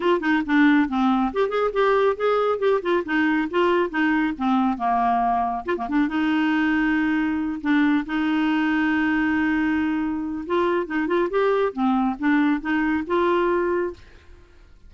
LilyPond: \new Staff \with { instrumentName = "clarinet" } { \time 4/4 \tempo 4 = 138 f'8 dis'8 d'4 c'4 g'8 gis'8 | g'4 gis'4 g'8 f'8 dis'4 | f'4 dis'4 c'4 ais4~ | ais4 f'16 ais16 d'8 dis'2~ |
dis'4. d'4 dis'4.~ | dis'1 | f'4 dis'8 f'8 g'4 c'4 | d'4 dis'4 f'2 | }